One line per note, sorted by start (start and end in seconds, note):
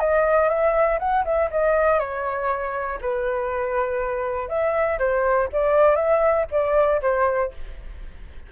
0.00 0.49 D#5
0.49 0.99 E5
1.00 1.25 F#5
1.25 1.50 E5
1.51 2.00 D#5
2.00 3.00 C#5
3.02 4.49 B4
4.49 4.99 E5
4.99 5.49 C5
5.53 5.96 D5
5.96 6.46 E5
6.52 7.02 D5
7.02 7.52 C5